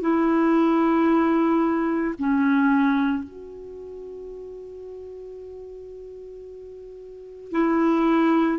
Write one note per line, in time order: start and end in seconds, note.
0.00 2.14 E4
2.18 3.23 C#4
3.23 7.51 F#4
7.51 8.58 E4